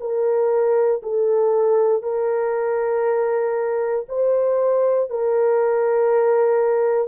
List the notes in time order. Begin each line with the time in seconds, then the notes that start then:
0.00 A#4
1.03 A4
2.02 A#4
4.09 C5
5.10 A#4